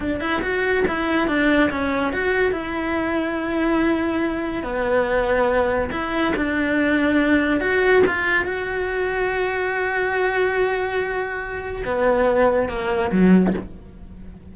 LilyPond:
\new Staff \with { instrumentName = "cello" } { \time 4/4 \tempo 4 = 142 d'8 e'8 fis'4 e'4 d'4 | cis'4 fis'4 e'2~ | e'2. b4~ | b2 e'4 d'4~ |
d'2 fis'4 f'4 | fis'1~ | fis'1 | b2 ais4 fis4 | }